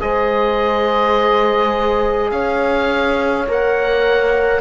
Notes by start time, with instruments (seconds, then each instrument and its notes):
0.00 cello G#3, trombone G#4, horn C5, oboe D#5
2.31 cello C#4, horn C#5, oboe F5
3.48 cello A#3, trombone A#4, oboe F#5